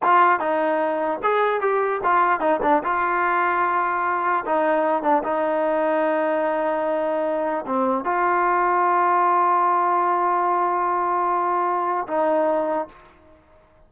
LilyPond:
\new Staff \with { instrumentName = "trombone" } { \time 4/4 \tempo 4 = 149 f'4 dis'2 gis'4 | g'4 f'4 dis'8 d'8 f'4~ | f'2. dis'4~ | dis'8 d'8 dis'2.~ |
dis'2. c'4 | f'1~ | f'1~ | f'2 dis'2 | }